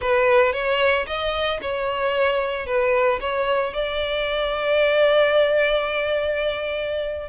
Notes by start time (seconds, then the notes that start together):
0.01 B4
0.52 C#5
1.06 D#5
1.61 C#5
2.66 B4
3.20 C#5
3.73 D5